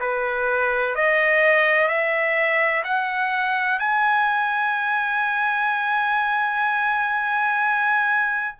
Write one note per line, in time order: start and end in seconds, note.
0.00 0.95 B4
0.96 1.88 D#5
1.88 2.84 E5
2.84 3.79 F#5
3.79 8.55 G#5